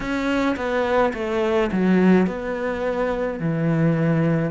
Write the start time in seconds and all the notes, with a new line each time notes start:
0.00 C#4
0.56 B3
1.13 A3
1.71 F#3
2.26 B3
3.40 E3